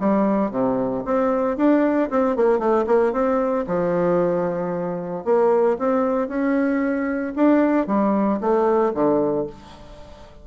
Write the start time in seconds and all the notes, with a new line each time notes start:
0.00 G3
0.51 C3
1.05 C4
1.57 D4
2.10 C4
2.36 A#3
2.59 A3
2.87 A#3
3.13 C4
3.67 F3
5.25 A#3
5.79 C4
6.28 C#4
7.36 D4
7.87 G3
8.40 A3
8.94 D3